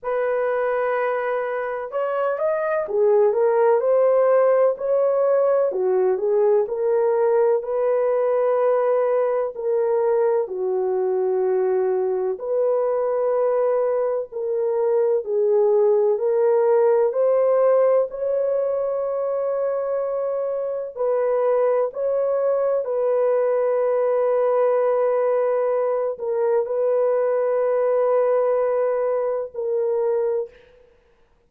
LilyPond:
\new Staff \with { instrumentName = "horn" } { \time 4/4 \tempo 4 = 63 b'2 cis''8 dis''8 gis'8 ais'8 | c''4 cis''4 fis'8 gis'8 ais'4 | b'2 ais'4 fis'4~ | fis'4 b'2 ais'4 |
gis'4 ais'4 c''4 cis''4~ | cis''2 b'4 cis''4 | b'2.~ b'8 ais'8 | b'2. ais'4 | }